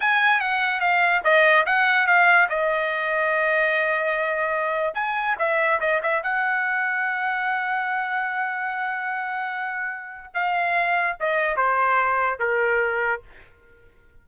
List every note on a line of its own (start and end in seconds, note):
0.00 0.40 G#5
0.40 0.80 F#5
0.80 1.21 F5
1.24 1.65 D#5
1.66 2.06 F#5
2.06 2.48 F5
2.49 4.94 D#5
4.94 5.35 G#5
5.38 5.80 E5
5.80 6.01 D#5
6.02 6.23 E5
6.23 10.34 F#5
10.34 11.16 F5
11.19 11.56 D#5
11.56 12.39 C5
12.39 13.22 A#4